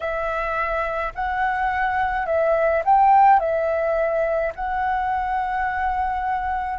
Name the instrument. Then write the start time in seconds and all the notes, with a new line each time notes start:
flute
0.00 E5
1.14 F#5
2.26 E5
2.85 G5
3.40 E5
4.55 F#5